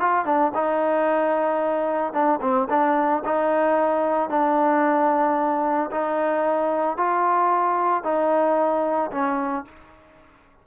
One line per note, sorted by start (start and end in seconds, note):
0.00 0.25 F4
0.25 0.52 D4
0.54 2.13 D#4
2.13 2.40 D4
2.41 2.68 C4
2.69 3.23 D4
3.25 4.30 D#4
4.30 5.90 D4
5.91 6.97 D#4
6.97 8.03 F4
8.03 9.10 D#4
9.11 9.65 C#4